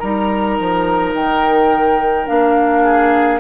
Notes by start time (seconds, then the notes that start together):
0.00 G3 D#4 A#4 A#5
0.60 F3
1.14 D#3 G5
2.27 A#3 D4 F5
2.84 G#4